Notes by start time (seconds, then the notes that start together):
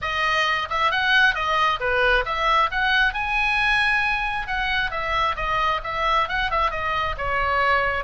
0.01 D#5
0.69 E5
0.91 F#5
1.34 D#5
1.80 B4
2.25 E5
2.71 F#5
3.13 G#5
4.47 F#5
4.90 E5
5.36 D#5
5.83 E5
6.28 F#5
6.50 E5
6.70 D#5
7.17 C#5